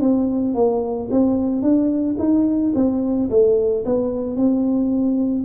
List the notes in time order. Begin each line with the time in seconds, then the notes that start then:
0.00 C4
0.55 A#3
1.11 C4
1.62 D4
2.19 D#4
2.75 C4
3.30 A3
3.85 B3
4.36 C4